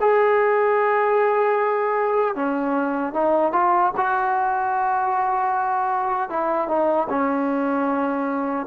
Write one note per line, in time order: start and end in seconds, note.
0.00 2.35 G#4
2.35 3.13 C#4
3.13 3.53 D#4
3.53 3.92 F4
3.97 6.30 F#4
6.30 6.68 E4
6.68 7.08 D#4
7.10 8.67 C#4